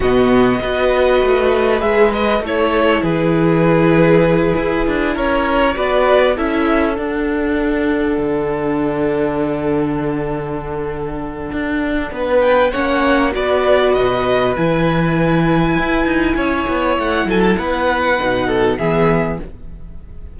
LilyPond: <<
  \new Staff \with { instrumentName = "violin" } { \time 4/4 \tempo 4 = 99 dis''2. e''8 dis''8 | cis''4 b'2.~ | b'8 cis''4 d''4 e''4 fis''8~ | fis''1~ |
fis''1~ | fis''8 g''8 fis''4 d''4 dis''4 | gis''1 | fis''8 gis''16 a''16 fis''2 e''4 | }
  \new Staff \with { instrumentName = "violin" } { \time 4/4 fis'4 b'2. | a'4 gis'2.~ | gis'8 ais'4 b'4 a'4.~ | a'1~ |
a'1 | b'4 cis''4 b'2~ | b'2. cis''4~ | cis''8 a'8 b'4. a'8 gis'4 | }
  \new Staff \with { instrumentName = "viola" } { \time 4/4 b4 fis'2 gis'8 b'8 | e'1~ | e'4. fis'4 e'4 d'8~ | d'1~ |
d'1~ | d'4 cis'4 fis'2 | e'1~ | e'2 dis'4 b4 | }
  \new Staff \with { instrumentName = "cello" } { \time 4/4 b,4 b4 a4 gis4 | a4 e2~ e8 e'8 | d'8 cis'4 b4 cis'4 d'8~ | d'4. d2~ d8~ |
d2. d'4 | b4 ais4 b4 b,4 | e2 e'8 dis'8 cis'8 b8 | a8 fis8 b4 b,4 e4 | }
>>